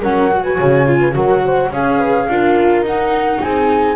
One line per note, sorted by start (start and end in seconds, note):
0.00 0.59 F#3
0.00 0.30 C#4
0.00 0.42 A#4
0.00 0.43 F#5
0.31 0.86 F#4
0.43 0.57 B4
0.43 1.14 G#5
0.57 1.15 C#3
0.57 0.99 C#5
0.86 1.12 F4
1.00 1.14 B4
1.12 1.71 F#3
1.12 1.68 F#4
1.12 1.44 A#4
1.12 1.72 F#5
1.44 1.71 C5
1.71 2.27 C#4
1.71 2.29 G#4
1.71 1.98 C#5
1.71 2.85 F5
1.98 2.27 B4
2.28 2.82 D4
2.28 2.85 F4
2.28 3.42 A#4
2.82 3.38 D#4
2.82 3.96 D#4
2.82 3.42 F#5
3.42 3.96 C4
3.42 3.96 G#4
3.42 3.96 G#5